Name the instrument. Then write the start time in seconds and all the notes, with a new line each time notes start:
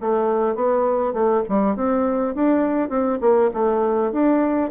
bassoon
0.00 A3
0.55 B3
1.13 A3
1.48 G3
1.76 C4
2.34 D4
2.89 C4
3.20 A#3
3.53 A3
4.11 D4